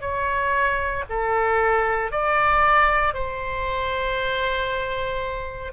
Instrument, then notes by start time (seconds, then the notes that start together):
oboe
0.00 C#5
1.09 A4
2.11 D5
3.13 C5